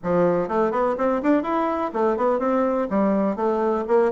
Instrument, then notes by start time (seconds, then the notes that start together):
bassoon
0.03 F3
0.48 A3
0.71 B3
0.97 C4
1.22 D4
1.42 E4
1.93 A3
2.16 B3
2.39 C4
2.90 G3
3.36 A3
3.87 A#3